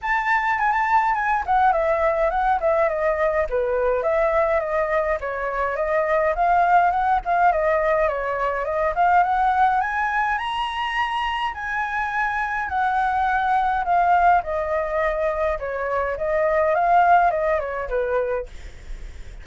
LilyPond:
\new Staff \with { instrumentName = "flute" } { \time 4/4 \tempo 4 = 104 a''4 gis''16 a''8. gis''8 fis''8 e''4 | fis''8 e''8 dis''4 b'4 e''4 | dis''4 cis''4 dis''4 f''4 | fis''8 f''8 dis''4 cis''4 dis''8 f''8 |
fis''4 gis''4 ais''2 | gis''2 fis''2 | f''4 dis''2 cis''4 | dis''4 f''4 dis''8 cis''8 b'4 | }